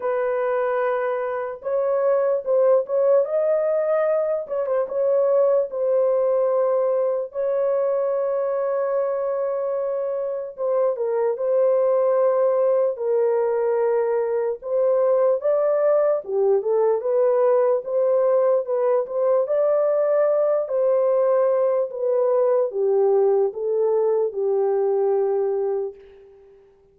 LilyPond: \new Staff \with { instrumentName = "horn" } { \time 4/4 \tempo 4 = 74 b'2 cis''4 c''8 cis''8 | dis''4. cis''16 c''16 cis''4 c''4~ | c''4 cis''2.~ | cis''4 c''8 ais'8 c''2 |
ais'2 c''4 d''4 | g'8 a'8 b'4 c''4 b'8 c''8 | d''4. c''4. b'4 | g'4 a'4 g'2 | }